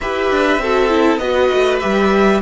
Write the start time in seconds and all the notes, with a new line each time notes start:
0.01 E4 G4 B4 E5
0.31 D4
0.58 C4 F#4 A4
0.89 E4
1.18 B3 F#4 B4 D#5
1.53 A3
1.80 G3 G4 E5